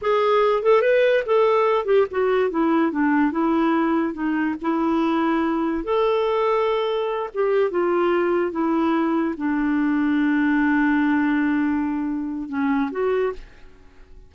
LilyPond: \new Staff \with { instrumentName = "clarinet" } { \time 4/4 \tempo 4 = 144 gis'4. a'8 b'4 a'4~ | a'8 g'8 fis'4 e'4 d'4 | e'2 dis'4 e'4~ | e'2 a'2~ |
a'4. g'4 f'4.~ | f'8 e'2 d'4.~ | d'1~ | d'2 cis'4 fis'4 | }